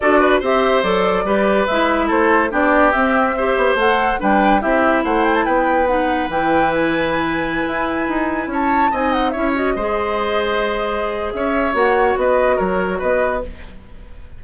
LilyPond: <<
  \new Staff \with { instrumentName = "flute" } { \time 4/4 \tempo 4 = 143 d''4 e''4 d''2 | e''4 c''4 d''4 e''4~ | e''4 fis''4 g''4 e''4 | fis''8 g''16 a''16 g''4 fis''4 g''4 |
gis''1~ | gis''16 a''4 gis''8 fis''8 e''8 dis''4~ dis''16~ | dis''2. e''4 | fis''4 dis''4 cis''4 dis''4 | }
  \new Staff \with { instrumentName = "oboe" } { \time 4/4 a'8 b'8 c''2 b'4~ | b'4 a'4 g'2 | c''2 b'4 g'4 | c''4 b'2.~ |
b'1~ | b'16 cis''4 dis''4 cis''4 c''8.~ | c''2. cis''4~ | cis''4 b'4 ais'4 b'4 | }
  \new Staff \with { instrumentName = "clarinet" } { \time 4/4 fis'4 g'4 a'4 g'4 | e'2 d'4 c'4 | g'4 a'4 d'4 e'4~ | e'2 dis'4 e'4~ |
e'1~ | e'4~ e'16 dis'4 e'8 fis'8 gis'8.~ | gis'1 | fis'1 | }
  \new Staff \with { instrumentName = "bassoon" } { \time 4/4 d'4 c'4 fis4 g4 | gis4 a4 b4 c'4~ | c'8 b8 a4 g4 c'4 | a4 b2 e4~ |
e2~ e16 e'4 dis'8.~ | dis'16 cis'4 c'4 cis'4 gis8.~ | gis2. cis'4 | ais4 b4 fis4 b4 | }
>>